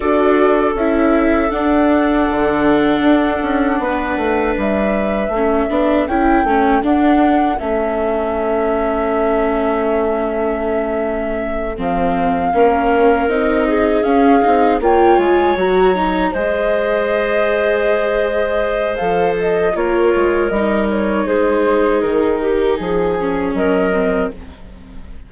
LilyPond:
<<
  \new Staff \with { instrumentName = "flute" } { \time 4/4 \tempo 4 = 79 d''4 e''4 fis''2~ | fis''2 e''2 | g''4 fis''4 e''2~ | e''2.~ e''8 f''8~ |
f''4. dis''4 f''4 g''8 | gis''8 ais''4 dis''2~ dis''8~ | dis''4 f''8 dis''8 cis''4 dis''8 cis''8 | c''4 ais'4 gis'4 dis''4 | }
  \new Staff \with { instrumentName = "clarinet" } { \time 4/4 a'1~ | a'4 b'2 a'4~ | a'1~ | a'1~ |
a'8 ais'4. gis'4. cis''8~ | cis''4. c''2~ c''8~ | c''2 ais'2 | gis'4. g'8 gis'4 ais'4 | }
  \new Staff \with { instrumentName = "viola" } { \time 4/4 fis'4 e'4 d'2~ | d'2. cis'8 d'8 | e'8 cis'8 d'4 cis'2~ | cis'2.~ cis'8 c'8~ |
c'8 cis'4 dis'4 cis'8 dis'8 f'8~ | f'8 fis'8 dis'8 gis'2~ gis'8~ | gis'4 a'4 f'4 dis'4~ | dis'2~ dis'8 cis'4 c'8 | }
  \new Staff \with { instrumentName = "bassoon" } { \time 4/4 d'4 cis'4 d'4 d4 | d'8 cis'8 b8 a8 g4 a8 b8 | cis'8 a8 d'4 a2~ | a2.~ a8 f8~ |
f8 ais4 c'4 cis'8 c'8 ais8 | gis8 fis4 gis2~ gis8~ | gis4 f4 ais8 gis8 g4 | gis4 dis4 f4 fis4 | }
>>